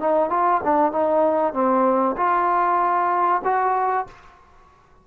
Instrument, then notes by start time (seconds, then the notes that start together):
trombone
0.00 D#4
0.30 F4
0.64 D4
0.92 D#4
1.54 C4
2.17 F4
3.45 F#4